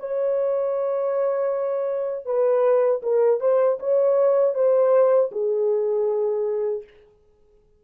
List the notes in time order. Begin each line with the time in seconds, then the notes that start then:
0.00 C#5
2.26 B4
3.03 A#4
3.41 C5
3.80 C#5
4.55 C5
5.32 G#4